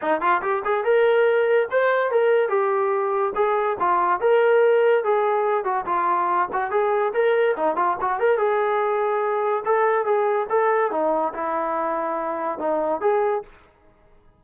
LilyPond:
\new Staff \with { instrumentName = "trombone" } { \time 4/4 \tempo 4 = 143 dis'8 f'8 g'8 gis'8 ais'2 | c''4 ais'4 g'2 | gis'4 f'4 ais'2 | gis'4. fis'8 f'4. fis'8 |
gis'4 ais'4 dis'8 f'8 fis'8 ais'8 | gis'2. a'4 | gis'4 a'4 dis'4 e'4~ | e'2 dis'4 gis'4 | }